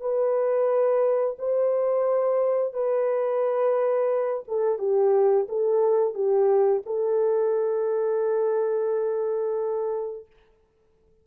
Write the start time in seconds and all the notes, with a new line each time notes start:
0.00 B4
1.38 C5
2.73 B4
4.47 A4
4.78 G4
5.48 A4
6.14 G4
6.86 A4